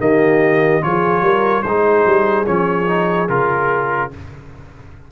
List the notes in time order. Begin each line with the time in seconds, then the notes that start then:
0.00 D#3 A#3 G4 D#5
0.82 F3 F4 G#4 C#5
1.22 G3 A#4
1.63 G#3 D#4 G#4 C5
2.06 G3
2.46 F3 C#4 C#5
2.87 D#4
3.29 C#3 F4 A#4